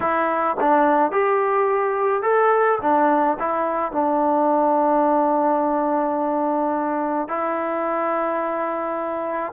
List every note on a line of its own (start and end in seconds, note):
0.00 0.56 E4
0.60 1.11 D4
1.11 2.22 G4
2.22 2.78 A4
2.81 3.37 D4
3.39 3.92 E4
3.92 7.28 D4
7.28 9.53 E4